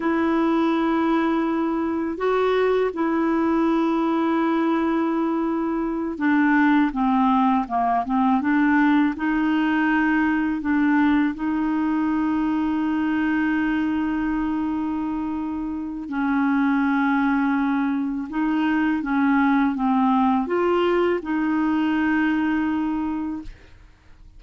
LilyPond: \new Staff \with { instrumentName = "clarinet" } { \time 4/4 \tempo 4 = 82 e'2. fis'4 | e'1~ | e'8 d'4 c'4 ais8 c'8 d'8~ | d'8 dis'2 d'4 dis'8~ |
dis'1~ | dis'2 cis'2~ | cis'4 dis'4 cis'4 c'4 | f'4 dis'2. | }